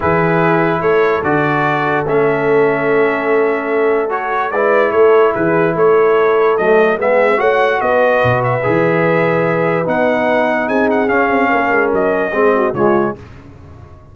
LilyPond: <<
  \new Staff \with { instrumentName = "trumpet" } { \time 4/4 \tempo 4 = 146 b'2 cis''4 d''4~ | d''4 e''2.~ | e''2 cis''4 d''4 | cis''4 b'4 cis''2 |
dis''4 e''4 fis''4 dis''4~ | dis''8 e''2.~ e''8 | fis''2 gis''8 fis''8 f''4~ | f''4 dis''2 cis''4 | }
  \new Staff \with { instrumentName = "horn" } { \time 4/4 gis'2 a'2~ | a'1~ | a'2. b'4 | a'4 gis'4 a'2~ |
a'4 gis'4 cis''4 b'4~ | b'1~ | b'2 gis'2 | ais'2 gis'8 fis'8 f'4 | }
  \new Staff \with { instrumentName = "trombone" } { \time 4/4 e'2. fis'4~ | fis'4 cis'2.~ | cis'2 fis'4 e'4~ | e'1 |
a4 b4 fis'2~ | fis'4 gis'2. | dis'2. cis'4~ | cis'2 c'4 gis4 | }
  \new Staff \with { instrumentName = "tuba" } { \time 4/4 e2 a4 d4~ | d4 a2.~ | a2. gis4 | a4 e4 a2 |
fis4 gis4 a4 b4 | b,4 e2. | b2 c'4 cis'8 c'8 | ais8 gis8 fis4 gis4 cis4 | }
>>